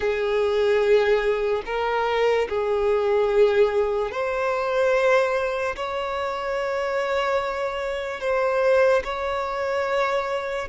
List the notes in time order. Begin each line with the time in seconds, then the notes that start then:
0.00 G#4
1.65 A#4
2.48 G#4
4.11 C5
5.76 C#5
8.20 C5
9.04 C#5